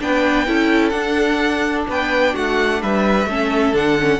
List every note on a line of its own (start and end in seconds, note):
0.00 0.47 B3
0.00 0.46 D4
0.00 0.47 B4
0.00 0.89 G5
0.46 0.92 C#4
0.46 0.91 E4
0.46 1.88 A4
0.89 3.26 D4
0.89 1.86 D4
0.89 1.83 F#5
1.87 2.34 B3
1.87 2.33 B4
1.87 2.35 G5
2.33 2.82 A3
2.33 2.80 F#4
2.33 2.82 F#5
2.82 3.25 G3
2.82 3.29 B4
2.82 3.75 E5
3.25 3.72 A3
3.25 3.74 C#4
3.25 4.20 A4
3.73 4.20 D3
3.73 3.97 D4
3.73 4.20 F#5
3.99 4.20 C#4